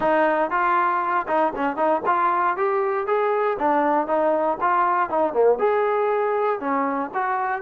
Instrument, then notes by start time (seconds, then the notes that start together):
trombone
0.00 D#4
0.50 F4
1.27 D#4
1.55 C#4
1.76 D#4
2.05 F4
2.57 G4
3.06 G#4
3.58 D4
4.07 D#4
4.60 F4
5.09 D#4
5.33 A#3
5.58 G#4
6.59 C#4
7.13 F#4